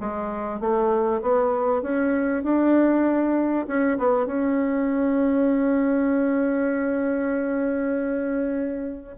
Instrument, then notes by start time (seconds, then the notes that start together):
bassoon
0.00 G#3
0.60 A3
1.22 B3
1.82 C#4
2.44 D4
3.67 C#4
3.98 B3
4.26 C#4